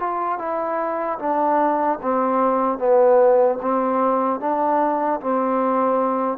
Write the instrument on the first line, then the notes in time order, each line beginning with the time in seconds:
trombone
0.00 F4
0.39 E4
1.19 D4
2.02 C4
2.79 B3
3.62 C4
4.40 D4
5.21 C4